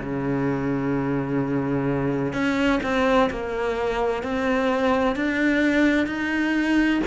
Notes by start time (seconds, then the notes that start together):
0.00 C#3
2.33 C#4
2.83 C4
3.30 A#3
4.23 C4
5.16 D4
6.07 D#4